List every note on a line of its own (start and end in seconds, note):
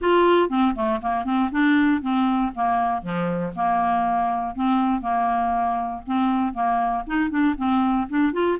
0.01 0.49 F4
0.49 0.74 C4
0.75 1.00 A3
1.01 1.24 A#3
1.24 1.50 C4
1.51 2.01 D4
2.01 2.51 C4
2.55 3.02 A#3
3.02 3.52 F3
3.55 4.55 A#3
4.55 5.01 C4
5.01 6.02 A#3
6.06 6.53 C4
6.53 7.03 A#3
7.07 7.30 D#4
7.30 7.55 D4
7.57 8.07 C4
8.09 8.33 D4
8.33 8.58 F4